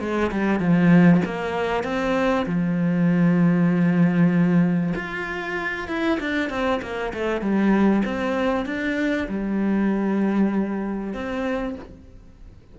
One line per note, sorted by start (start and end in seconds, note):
0.00 0.31 G#3
0.31 0.60 G3
0.60 1.21 F3
1.25 1.84 A#3
1.84 2.46 C4
2.46 4.93 F3
4.95 5.88 F4
5.88 6.19 E4
6.20 6.50 D4
6.50 6.81 C4
6.82 7.13 A#3
7.14 7.41 A3
7.41 8.03 G3
8.05 8.66 C4
8.66 9.28 D4
9.28 11.13 G3
11.13 11.75 C4